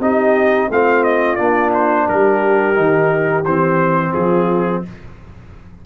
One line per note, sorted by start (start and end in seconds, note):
0.00 0.69 C4
0.00 0.71 D#4
0.00 0.70 G4
0.00 0.71 D#5
0.70 1.39 A3
0.70 1.38 C4
0.70 2.08 F4
0.70 1.04 F5
1.04 1.36 D#5
1.36 2.08 A#3
1.36 2.75 D4
1.36 1.70 D5
1.74 2.08 C5
2.08 2.77 G3
2.08 4.12 G4
2.08 3.45 A#4
2.75 3.45 D#3
2.75 3.44 D#4
3.45 4.14 E3
3.45 4.86 C4
3.45 4.14 C5
4.12 4.85 F3
4.12 4.81 F4
4.12 4.83 G#4